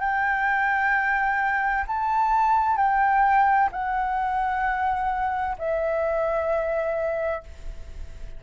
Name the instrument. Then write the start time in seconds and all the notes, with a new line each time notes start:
flute
0.00 G5
1.87 A5
2.77 G5
3.72 F#5
5.58 E5